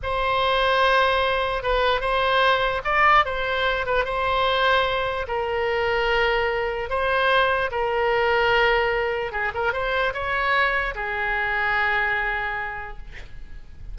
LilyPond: \new Staff \with { instrumentName = "oboe" } { \time 4/4 \tempo 4 = 148 c''1 | b'4 c''2 d''4 | c''4. b'8 c''2~ | c''4 ais'2.~ |
ais'4 c''2 ais'4~ | ais'2. gis'8 ais'8 | c''4 cis''2 gis'4~ | gis'1 | }